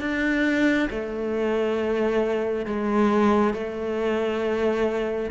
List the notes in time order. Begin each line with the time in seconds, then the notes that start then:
0.00 D4
0.90 A3
2.66 G#3
3.54 A3